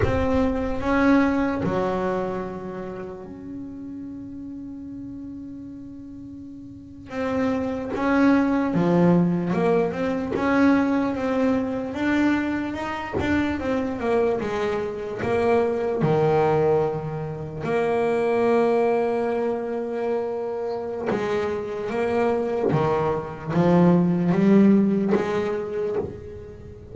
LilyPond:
\new Staff \with { instrumentName = "double bass" } { \time 4/4 \tempo 4 = 74 c'4 cis'4 fis2 | cis'1~ | cis'8. c'4 cis'4 f4 ais16~ | ais16 c'8 cis'4 c'4 d'4 dis'16~ |
dis'16 d'8 c'8 ais8 gis4 ais4 dis16~ | dis4.~ dis16 ais2~ ais16~ | ais2 gis4 ais4 | dis4 f4 g4 gis4 | }